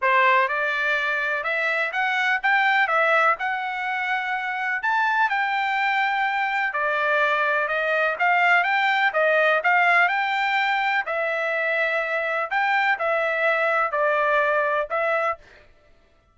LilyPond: \new Staff \with { instrumentName = "trumpet" } { \time 4/4 \tempo 4 = 125 c''4 d''2 e''4 | fis''4 g''4 e''4 fis''4~ | fis''2 a''4 g''4~ | g''2 d''2 |
dis''4 f''4 g''4 dis''4 | f''4 g''2 e''4~ | e''2 g''4 e''4~ | e''4 d''2 e''4 | }